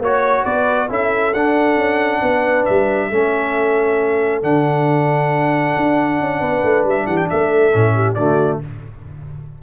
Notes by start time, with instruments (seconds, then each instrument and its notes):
0.00 tuba A#3, trombone F#4, horn C#5, trumpet C#5
0.44 tuba B3, horn B4, trumpet D5
0.90 tuba C#4, trombone E4, horn A4, trumpet E5
1.34 tuba D4, trombone D4, trumpet F#5
1.77 tuba C#4
2.22 tuba B3, horn B4
2.66 tuba G3, trumpet E5
3.09 tuba A3, trombone C#4, horn A4
4.43 tuba D3, trombone D4, trumpet F#5
5.77 tuba D4
6.21 tuba C#4
6.40 tuba B3, horn B4
6.64 tuba A3
6.85 tuba G3, trumpet E5
7.07 tuba E3, horn G4, trumpet F#5
7.17 trumpet G5
7.30 tuba A3, horn A4, trumpet E5
7.73 tuba A2, trombone C#4
7.95 horn G4
8.15 tuba D3, trombone A3, horn F#4, trumpet D5